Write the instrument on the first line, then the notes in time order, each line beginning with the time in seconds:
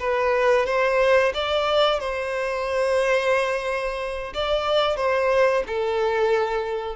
violin
0.00 B4
0.66 C5
1.34 D5
2.00 C5
4.34 D5
4.97 C5
5.67 A4